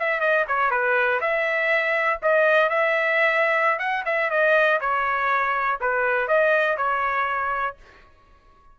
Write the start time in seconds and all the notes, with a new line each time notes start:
0.00 E5
0.20 D#5
0.48 C#5
0.71 B4
1.21 E5
2.22 D#5
2.70 E5
3.79 F#5
4.05 E5
4.31 D#5
4.81 C#5
5.81 B4
6.28 D#5
6.77 C#5